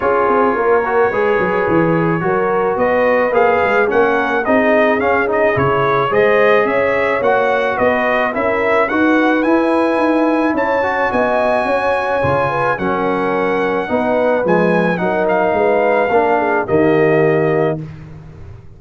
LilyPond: <<
  \new Staff \with { instrumentName = "trumpet" } { \time 4/4 \tempo 4 = 108 cis''1~ | cis''4 dis''4 f''4 fis''4 | dis''4 f''8 dis''8 cis''4 dis''4 | e''4 fis''4 dis''4 e''4 |
fis''4 gis''2 a''4 | gis''2. fis''4~ | fis''2 gis''4 fis''8 f''8~ | f''2 dis''2 | }
  \new Staff \with { instrumentName = "horn" } { \time 4/4 gis'4 ais'4 b'2 | ais'4 b'2 ais'4 | gis'2. c''4 | cis''2 b'4 ais'4 |
b'2. cis''4 | dis''4 cis''4. b'8 ais'4~ | ais'4 b'2 ais'4 | b'4 ais'8 gis'8 g'2 | }
  \new Staff \with { instrumentName = "trombone" } { \time 4/4 f'4. fis'8 gis'2 | fis'2 gis'4 cis'4 | dis'4 cis'8 dis'8 e'4 gis'4~ | gis'4 fis'2 e'4 |
fis'4 e'2~ e'8 fis'8~ | fis'2 f'4 cis'4~ | cis'4 dis'4 gis4 dis'4~ | dis'4 d'4 ais2 | }
  \new Staff \with { instrumentName = "tuba" } { \time 4/4 cis'8 c'8 ais4 gis8 fis8 e4 | fis4 b4 ais8 gis8 ais4 | c'4 cis'4 cis4 gis4 | cis'4 ais4 b4 cis'4 |
dis'4 e'4 dis'4 cis'4 | b4 cis'4 cis4 fis4~ | fis4 b4 f4 fis4 | gis4 ais4 dis2 | }
>>